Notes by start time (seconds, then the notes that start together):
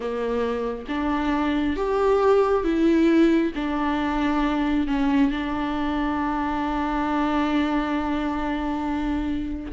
0.00 A#3
0.88 D4
1.76 G4
2.64 E4
3.55 D4
4.87 C#4
5.30 D4